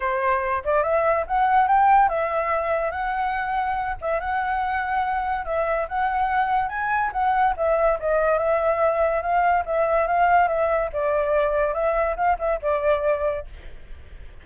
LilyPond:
\new Staff \with { instrumentName = "flute" } { \time 4/4 \tempo 4 = 143 c''4. d''8 e''4 fis''4 | g''4 e''2 fis''4~ | fis''4. e''8 fis''2~ | fis''4 e''4 fis''2 |
gis''4 fis''4 e''4 dis''4 | e''2 f''4 e''4 | f''4 e''4 d''2 | e''4 f''8 e''8 d''2 | }